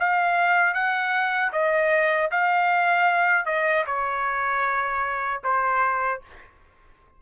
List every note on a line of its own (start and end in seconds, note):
0.00 0.74 F5
0.74 1.52 F#5
1.53 2.31 D#5
2.32 3.46 F5
3.46 3.85 D#5
3.86 5.42 C#5
5.44 6.22 C5